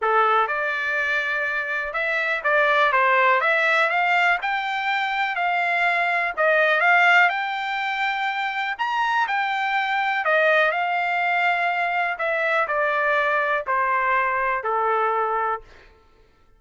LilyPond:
\new Staff \with { instrumentName = "trumpet" } { \time 4/4 \tempo 4 = 123 a'4 d''2. | e''4 d''4 c''4 e''4 | f''4 g''2 f''4~ | f''4 dis''4 f''4 g''4~ |
g''2 ais''4 g''4~ | g''4 dis''4 f''2~ | f''4 e''4 d''2 | c''2 a'2 | }